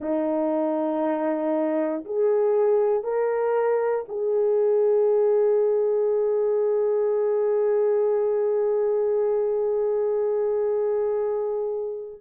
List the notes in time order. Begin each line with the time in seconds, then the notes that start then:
0.00 D#4
2.04 G#4
3.03 A#4
4.08 G#4